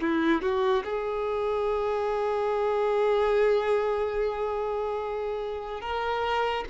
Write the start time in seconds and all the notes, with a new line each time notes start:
0.00 E4
0.41 F#4
0.84 G#4
5.81 A#4